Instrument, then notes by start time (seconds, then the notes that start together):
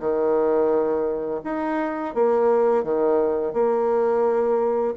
bassoon
0.00 D#3
1.44 D#4
2.15 A#3
2.84 D#3
3.54 A#3